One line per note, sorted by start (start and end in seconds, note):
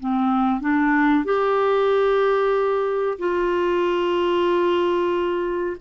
0.00 0.61 C4
0.61 1.25 D4
1.25 3.18 G4
3.18 5.77 F4